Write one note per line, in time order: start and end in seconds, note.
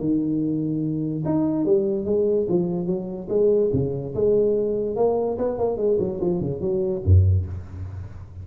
0.00 1.24 D#3
1.26 1.66 D#4
1.66 2.06 G3
2.06 2.47 G#3
2.49 2.87 F3
2.87 3.28 F#3
3.30 3.71 G#3
3.73 4.15 C#3
4.15 4.97 G#3
4.97 5.38 A#3
5.39 5.58 B3
5.58 5.77 A#3
5.77 5.98 G#3
6.00 6.21 F#3
6.21 6.41 F3
6.41 6.61 C#3
6.61 7.03 F#3
7.05 7.47 F#2